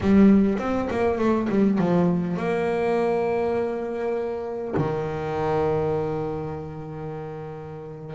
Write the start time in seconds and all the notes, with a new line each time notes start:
0.01 G3
0.58 C4
0.90 A#3
1.18 A3
1.49 G3
1.78 F3
2.37 A#3
4.76 D#3